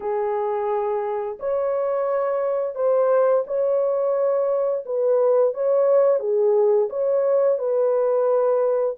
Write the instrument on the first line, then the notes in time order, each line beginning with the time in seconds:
horn
0.00 G#4
1.39 C#5
2.75 C5
3.47 C#5
4.85 B4
5.54 C#5
6.19 G#4
6.89 C#5
7.58 B4